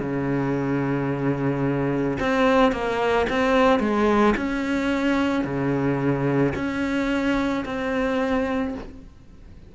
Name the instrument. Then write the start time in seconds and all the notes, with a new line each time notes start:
cello
0.00 C#3
2.19 C4
2.72 A#3
3.29 C4
3.79 G#3
4.37 C#4
5.44 C#3
6.55 C#4
7.65 C4